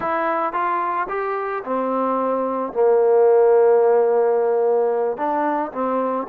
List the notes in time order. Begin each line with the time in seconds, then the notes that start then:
0.00 E4
0.52 F4
1.08 G4
1.64 C4
2.72 A#3
5.17 D4
5.72 C4